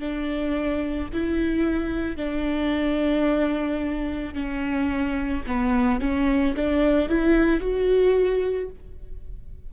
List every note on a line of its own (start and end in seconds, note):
0.00 1.09 D4
1.14 2.17 E4
2.17 4.34 D4
4.34 5.43 C#4
5.47 6.01 B3
6.01 6.56 C#4
6.56 7.09 D4
7.09 7.61 E4
7.61 8.70 F#4